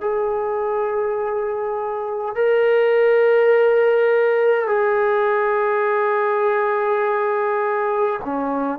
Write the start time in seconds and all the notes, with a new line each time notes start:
0.00 G#4
2.35 A#4
4.67 G#4
8.25 C#4